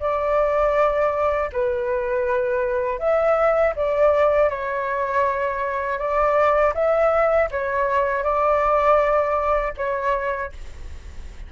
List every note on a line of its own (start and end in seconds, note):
0.00 1.50 D5
1.53 2.99 B4
2.99 3.74 E5
3.76 4.50 D5
4.50 5.99 C#5
5.99 6.74 D5
6.75 7.50 E5
7.51 8.24 C#5
8.24 9.74 D5
9.77 10.52 C#5